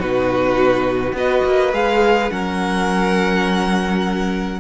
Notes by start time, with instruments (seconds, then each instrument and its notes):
0.00 cello B2, viola D#4, violin F#4 B4
1.13 cello B3, viola F#4, violin B4 D#5
1.45 cello A#3
1.73 cello G#3, viola G#4, violin F5
2.30 cello F#3, viola C#4, violin A#4 F#5